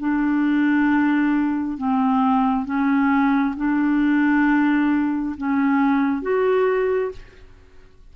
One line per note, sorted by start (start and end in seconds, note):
0.00 1.78 D4
1.78 2.66 C4
2.66 3.55 C#4
3.57 5.36 D4
5.38 6.22 C#4
6.22 7.12 F#4